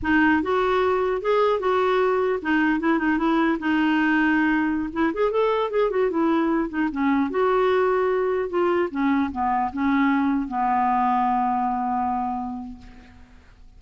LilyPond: \new Staff \with { instrumentName = "clarinet" } { \time 4/4 \tempo 4 = 150 dis'4 fis'2 gis'4 | fis'2 dis'4 e'8 dis'8 | e'4 dis'2.~ | dis'16 e'8 gis'8 a'4 gis'8 fis'8 e'8.~ |
e'8. dis'8 cis'4 fis'4.~ fis'16~ | fis'4~ fis'16 f'4 cis'4 b8.~ | b16 cis'2 b4.~ b16~ | b1 | }